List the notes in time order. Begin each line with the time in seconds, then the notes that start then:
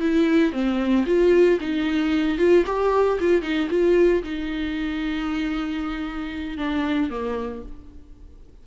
0.00 E4
0.52 C4
1.06 F4
1.61 D#4
2.38 F4
2.66 G4
3.20 F4
3.42 D#4
3.70 F4
4.23 D#4
6.58 D4
7.10 A#3